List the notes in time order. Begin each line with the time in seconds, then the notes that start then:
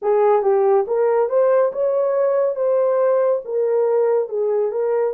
0.02 G#4
0.42 G4
0.87 A#4
1.29 C5
1.72 C#5
2.55 C5
3.44 A#4
4.29 G#4
4.71 A#4